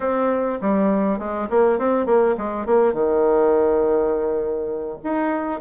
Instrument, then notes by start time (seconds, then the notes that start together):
bassoon
0.00 C4
0.61 G3
1.18 G#3
1.49 A#3
1.78 C4
2.06 A#3
2.37 G#3
2.66 A#3
2.93 D#3
5.03 D#4